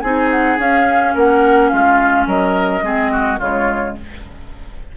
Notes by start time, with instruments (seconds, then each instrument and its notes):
0.00 bassoon C4, clarinet D#4, oboe G#4, flute G#5
0.30 flute F#5
0.58 bassoon C#4, clarinet C#4, flute F5
1.14 bassoon A#3, oboe A#4, flute F#5
1.69 bassoon G#3, oboe F4, flute F5
2.27 bassoon F#3, oboe A#4, flute D#5
2.82 bassoon G#3, clarinet C4, oboe G#4
3.12 oboe F#4
3.39 bassoon C#3, clarinet G#3, oboe F4, flute C#5